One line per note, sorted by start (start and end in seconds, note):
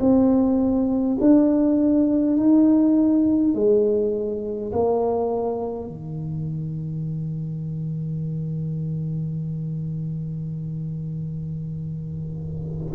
0.00 1.18 C4
1.20 2.36 D4
2.36 3.54 D#4
3.54 4.72 G#3
4.72 5.87 A#3
5.87 12.93 D#3